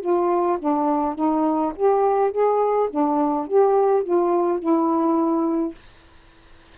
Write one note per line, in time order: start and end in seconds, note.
0.00 0.58 F4
0.59 1.15 D4
1.15 1.73 D#4
1.76 2.31 G4
2.31 2.88 G#4
2.90 3.47 D4
3.47 4.03 G4
4.03 4.59 F4
4.59 5.74 E4